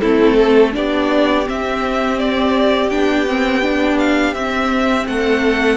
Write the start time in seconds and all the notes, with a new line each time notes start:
0.00 A3 C4 E4 A4
0.36 A4
0.72 B3 D4 G4 D5
1.46 C4 E5
2.19 D5
2.89 B3 D4 G5
3.27 C4
3.62 D4
3.98 F5
4.34 C4 E5
5.07 A3 A4 F#5